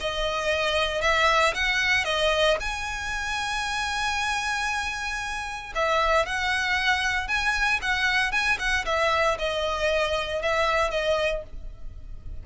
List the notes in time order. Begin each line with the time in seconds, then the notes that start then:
0.00 D#5
1.01 E5
1.54 F#5
2.04 D#5
2.60 G#5
5.75 E5
6.26 F#5
7.27 G#5
7.81 F#5
8.31 G#5
8.58 F#5
8.85 E5
9.38 D#5
10.42 E5
10.90 D#5